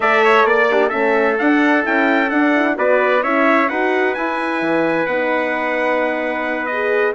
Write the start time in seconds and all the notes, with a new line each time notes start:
0.00 A3 A4 D5 E5
0.24 C#5
0.44 A#3 D5
0.69 D4 G4
0.88 C#4 A4 E5
0.94 A3
1.38 D4 F#5
1.82 C#4 E4 G5
2.30 D4 F#5
2.55 E4
2.75 B3 F#4 B4 D5
3.22 C#4 E4 C#5 E5
3.69 D#4 F#4 B4 F#5
4.14 E4 G#5
4.61 E3
5.06 B3 D#4 F#5
6.66 G#4 D#5